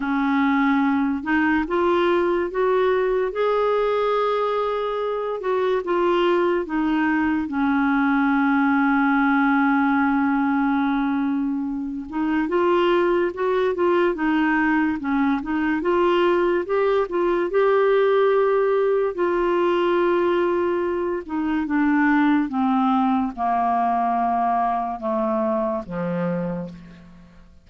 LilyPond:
\new Staff \with { instrumentName = "clarinet" } { \time 4/4 \tempo 4 = 72 cis'4. dis'8 f'4 fis'4 | gis'2~ gis'8 fis'8 f'4 | dis'4 cis'2.~ | cis'2~ cis'8 dis'8 f'4 |
fis'8 f'8 dis'4 cis'8 dis'8 f'4 | g'8 f'8 g'2 f'4~ | f'4. dis'8 d'4 c'4 | ais2 a4 f4 | }